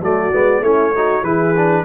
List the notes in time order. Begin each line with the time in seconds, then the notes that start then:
0.00 F#3 A3 F#4 D5
0.32 G#3 B3
0.60 A3 C#4 E4 C#5
0.95 D#4 F#4
1.22 E3 E4 G#4 B4
1.56 D4